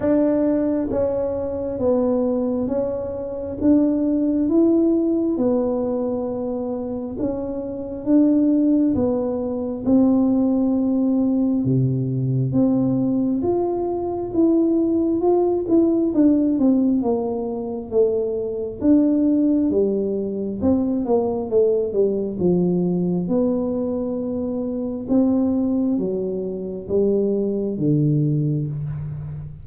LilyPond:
\new Staff \with { instrumentName = "tuba" } { \time 4/4 \tempo 4 = 67 d'4 cis'4 b4 cis'4 | d'4 e'4 b2 | cis'4 d'4 b4 c'4~ | c'4 c4 c'4 f'4 |
e'4 f'8 e'8 d'8 c'8 ais4 | a4 d'4 g4 c'8 ais8 | a8 g8 f4 b2 | c'4 fis4 g4 d4 | }